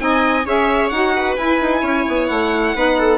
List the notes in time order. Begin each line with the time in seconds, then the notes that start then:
0.00 C4 D#4 D#5 G#5
0.46 C#4 G#4 C#5 E5
0.90 D#4 F#4 F#5
1.17 B4
1.37 E4 G#5
1.62 D#4
1.82 C#4 C#5
2.08 B3
2.27 A3 F#5
2.75 B3 D#4 B4
2.99 A4